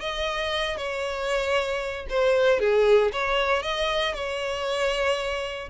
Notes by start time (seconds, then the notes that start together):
0.00 D#5
0.77 C#5
2.09 C5
2.60 G#4
3.12 C#5
3.62 D#5
4.14 C#5